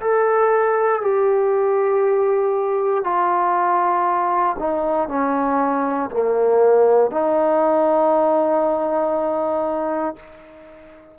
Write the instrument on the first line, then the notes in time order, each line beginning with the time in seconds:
trombone
0.00 A4
1.01 G4
3.04 F4
4.59 D#4
5.08 C#4
6.10 A#3
7.11 D#4